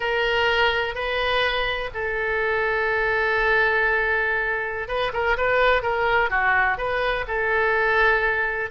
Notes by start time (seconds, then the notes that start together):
0.00 A#4
0.94 B4
1.94 A4
4.88 B4
5.13 A#4
5.37 B4
5.82 A#4
6.29 F#4
6.77 B4
7.27 A4